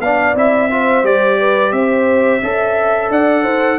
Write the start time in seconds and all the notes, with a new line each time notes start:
0.00 B3 D4 D5 F5
0.35 C4 E4 E5
0.71 F4 C5
1.04 G3 G4 D5
1.40 B4
1.73 C4 C5 E5
2.43 C#4 A4 E5
3.11 D4 D5 F#5
3.44 D#4 C5